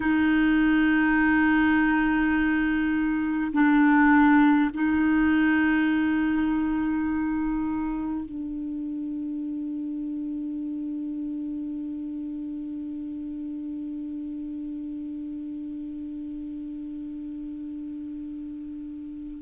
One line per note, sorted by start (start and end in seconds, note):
0.00 3.52 D#4
3.52 4.70 D4
4.73 8.25 D#4
8.25 19.42 D4